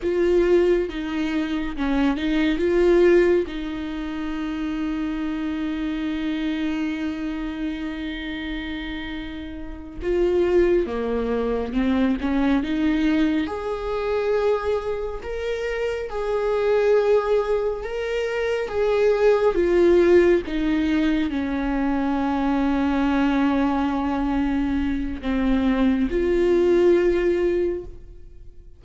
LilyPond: \new Staff \with { instrumentName = "viola" } { \time 4/4 \tempo 4 = 69 f'4 dis'4 cis'8 dis'8 f'4 | dis'1~ | dis'2.~ dis'8 f'8~ | f'8 ais4 c'8 cis'8 dis'4 gis'8~ |
gis'4. ais'4 gis'4.~ | gis'8 ais'4 gis'4 f'4 dis'8~ | dis'8 cis'2.~ cis'8~ | cis'4 c'4 f'2 | }